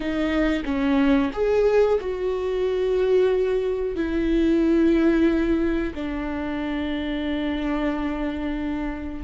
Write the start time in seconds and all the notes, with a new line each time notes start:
0.00 D#4
0.64 C#4
1.33 G#4
2.00 F#4
3.95 E4
5.94 D4